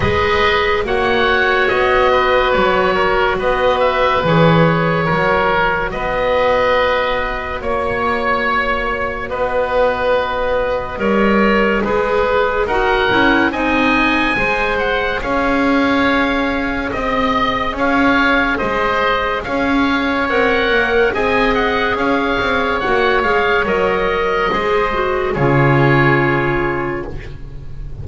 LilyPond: <<
  \new Staff \with { instrumentName = "oboe" } { \time 4/4 \tempo 4 = 71 dis''4 fis''4 dis''4 cis''4 | dis''8 e''8 cis''2 dis''4~ | dis''4 cis''2 dis''4~ | dis''2. fis''4 |
gis''4. fis''8 f''2 | dis''4 f''4 dis''4 f''4 | fis''4 gis''8 fis''8 f''4 fis''8 f''8 | dis''2 cis''2 | }
  \new Staff \with { instrumentName = "oboe" } { \time 4/4 b'4 cis''4. b'4 ais'8 | b'2 ais'4 b'4~ | b'4 cis''2 b'4~ | b'4 cis''4 b'4 ais'4 |
dis''4 c''4 cis''2 | dis''4 cis''4 c''4 cis''4~ | cis''4 dis''4 cis''2~ | cis''4 c''4 gis'2 | }
  \new Staff \with { instrumentName = "clarinet" } { \time 4/4 gis'4 fis'2.~ | fis'4 gis'4 fis'2~ | fis'1~ | fis'4 ais'4 gis'4 fis'8 e'8 |
dis'4 gis'2.~ | gis'1 | ais'4 gis'2 fis'8 gis'8 | ais'4 gis'8 fis'8 f'2 | }
  \new Staff \with { instrumentName = "double bass" } { \time 4/4 gis4 ais4 b4 fis4 | b4 e4 fis4 b4~ | b4 ais2 b4~ | b4 g4 gis4 dis'8 cis'8 |
c'4 gis4 cis'2 | c'4 cis'4 gis4 cis'4 | c'8 ais8 c'4 cis'8 c'8 ais8 gis8 | fis4 gis4 cis2 | }
>>